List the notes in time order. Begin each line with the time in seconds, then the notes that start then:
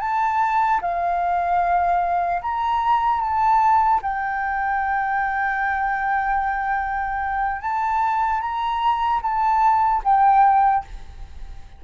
0.00 A5
0.81 F5
2.42 A#5
3.21 A5
4.02 G5
7.61 A5
8.41 A#5
9.22 A5
10.04 G5